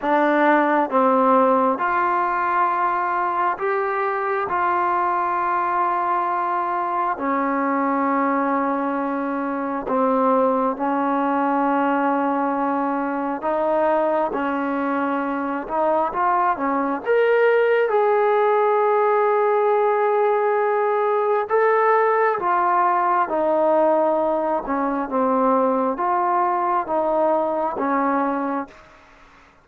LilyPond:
\new Staff \with { instrumentName = "trombone" } { \time 4/4 \tempo 4 = 67 d'4 c'4 f'2 | g'4 f'2. | cis'2. c'4 | cis'2. dis'4 |
cis'4. dis'8 f'8 cis'8 ais'4 | gis'1 | a'4 f'4 dis'4. cis'8 | c'4 f'4 dis'4 cis'4 | }